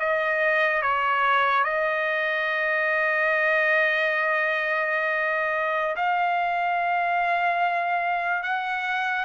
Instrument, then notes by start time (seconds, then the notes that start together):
trumpet
0.00 D#5
0.82 C#5
1.64 D#5
5.97 F5
8.43 F#5